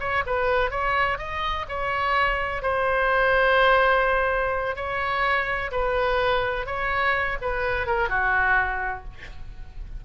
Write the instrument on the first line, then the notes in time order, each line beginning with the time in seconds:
oboe
0.00 C#5
0.26 B4
0.71 C#5
1.18 D#5
1.69 C#5
2.62 C5
4.76 C#5
5.72 B4
6.66 C#5
7.42 B4
7.87 A#4
8.09 F#4